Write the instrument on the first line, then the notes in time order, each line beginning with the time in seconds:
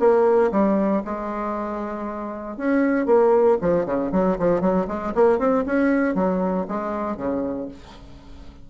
bassoon
0.00 A#3
0.52 G3
1.05 G#3
2.58 C#4
3.07 A#3
3.61 F3
3.86 C#3
4.12 F#3
4.39 F3
4.61 F#3
4.88 G#3
5.15 A#3
5.39 C4
5.66 C#4
6.15 F#3
6.68 G#3
7.17 C#3